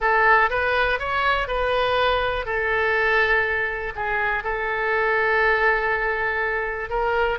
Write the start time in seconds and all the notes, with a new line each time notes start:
0.00 A4
0.50 B4
0.99 C#5
1.47 B4
2.45 A4
3.95 G#4
4.43 A4
6.89 A#4